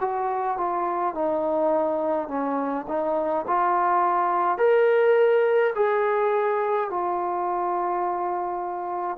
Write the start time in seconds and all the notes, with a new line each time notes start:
0.00 F#4
0.57 F4
1.14 D#4
2.28 C#4
2.88 D#4
3.47 F4
4.58 A#4
5.75 G#4
6.90 F4